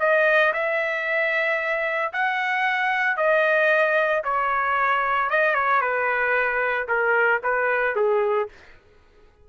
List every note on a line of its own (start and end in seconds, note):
0.00 0.53 D#5
0.54 2.13 E5
2.13 3.17 F#5
3.17 4.23 D#5
4.25 5.30 C#5
5.30 5.55 D#5
5.55 5.81 C#5
5.81 6.88 B4
6.88 7.41 A#4
7.44 7.96 B4
7.96 8.49 G#4